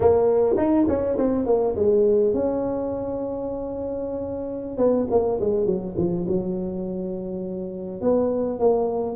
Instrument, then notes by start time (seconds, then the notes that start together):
tuba
0.00 A#3
0.57 D#4
0.88 C#4
1.17 C4
1.46 A#3
1.75 G#3
2.33 C#4
4.77 B3
5.10 A#3
5.40 G#3
5.66 F#3
5.97 F3
6.28 F#3
8.01 B3
8.59 A#3